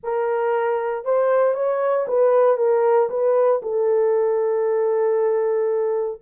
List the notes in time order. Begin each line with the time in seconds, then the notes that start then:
0.03 A#4
1.05 C5
1.54 C#5
2.07 B4
2.57 A#4
3.09 B4
3.62 A4